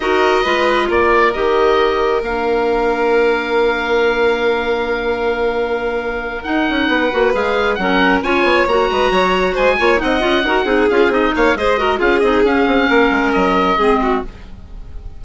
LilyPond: <<
  \new Staff \with { instrumentName = "oboe" } { \time 4/4 \tempo 4 = 135 dis''2 d''4 dis''4~ | dis''4 f''2.~ | f''1~ | f''2~ f''8 fis''4.~ |
fis''8 f''4 fis''4 gis''4 ais''8~ | ais''4. gis''4 fis''4.~ | fis''8 f''8 dis''8 f''8 dis''4 f''8 dis''8 | f''2 dis''2 | }
  \new Staff \with { instrumentName = "violin" } { \time 4/4 ais'4 b'4 ais'2~ | ais'1~ | ais'1~ | ais'2.~ ais'8 b'8~ |
b'4. ais'4 cis''4. | b'8 cis''4 c''8 cis''8 dis''4 ais'8 | gis'4. cis''8 c''8 ais'8 gis'4~ | gis'4 ais'2 gis'8 fis'8 | }
  \new Staff \with { instrumentName = "clarinet" } { \time 4/4 fis'4 f'2 g'4~ | g'4 d'2.~ | d'1~ | d'2~ d'8 dis'4. |
fis'8 gis'4 cis'4 f'4 fis'8~ | fis'2 f'8 dis'8 f'8 fis'8 | dis'8 f'8 dis'4 gis'8 fis'8 f'8 dis'8 | cis'2. c'4 | }
  \new Staff \with { instrumentName = "bassoon" } { \time 4/4 dis'4 gis4 ais4 dis4~ | dis4 ais2.~ | ais1~ | ais2~ ais8 dis'8 cis'8 b8 |
ais8 gis4 fis4 cis'8 b8 ais8 | gis8 fis4 gis8 ais8 c'8 cis'8 dis'8 | c'8 cis'8 c'8 ais8 gis4 cis'8 c'8 | cis'8 c'8 ais8 gis8 fis4 gis4 | }
>>